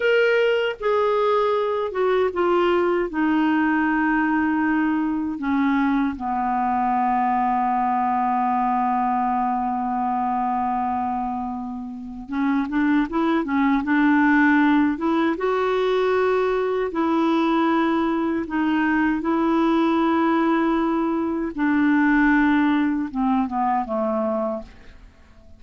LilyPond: \new Staff \with { instrumentName = "clarinet" } { \time 4/4 \tempo 4 = 78 ais'4 gis'4. fis'8 f'4 | dis'2. cis'4 | b1~ | b1 |
cis'8 d'8 e'8 cis'8 d'4. e'8 | fis'2 e'2 | dis'4 e'2. | d'2 c'8 b8 a4 | }